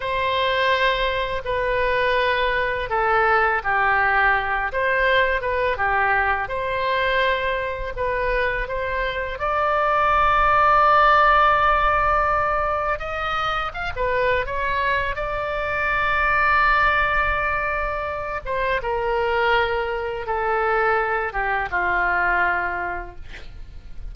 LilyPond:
\new Staff \with { instrumentName = "oboe" } { \time 4/4 \tempo 4 = 83 c''2 b'2 | a'4 g'4. c''4 b'8 | g'4 c''2 b'4 | c''4 d''2.~ |
d''2 dis''4 f''16 b'8. | cis''4 d''2.~ | d''4. c''8 ais'2 | a'4. g'8 f'2 | }